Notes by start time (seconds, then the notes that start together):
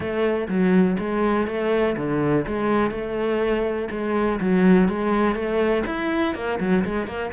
0.00 A3
0.48 F#3
0.98 G#3
1.47 A3
1.96 D3
2.47 G#3
2.90 A3
3.90 G#3
4.40 F#3
4.88 G#3
5.35 A3
5.86 E4
6.34 A#3
6.60 F#3
6.84 G#3
7.07 A#3